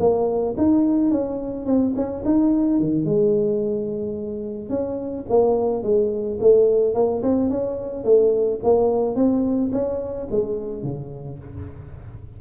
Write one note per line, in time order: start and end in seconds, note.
0.00 0.56 A#3
0.57 1.11 D#4
1.11 1.66 C#4
1.66 1.94 C4
1.96 2.23 C#4
2.25 2.80 D#4
2.80 3.05 D#3
3.05 4.69 G#3
4.69 5.25 C#4
5.29 5.83 A#3
5.83 6.38 G#3
6.40 6.94 A3
6.94 7.22 A#3
7.22 7.50 C4
7.50 8.04 C#4
8.04 8.60 A3
8.63 9.15 A#3
9.15 9.71 C4
9.72 10.28 C#4
10.31 10.83 G#3
10.83 11.39 C#3